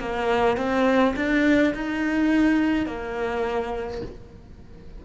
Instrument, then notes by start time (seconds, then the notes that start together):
cello
0.00 A#3
0.57 C4
1.16 D4
1.75 D#4
2.86 A#3